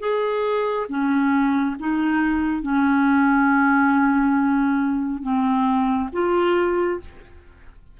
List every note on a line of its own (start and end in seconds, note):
0.00 0.87 G#4
0.89 1.76 C#4
1.79 2.62 D#4
2.62 5.23 C#4
5.23 6.09 C4
6.13 7.00 F4